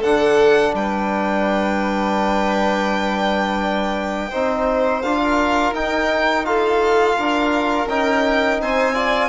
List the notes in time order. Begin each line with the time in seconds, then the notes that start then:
0.00 D3 D4 A4 F#5
0.73 G3 B4 G5
4.29 C4 D#4 C5
5.01 D4 F4 F5
5.23 A#4
5.72 D#4 G5
6.44 F4 A4 F5
7.18 D4 A#4
7.86 C#4 D#4 G5
8.60 C4 C5 G#5
8.93 F4 D5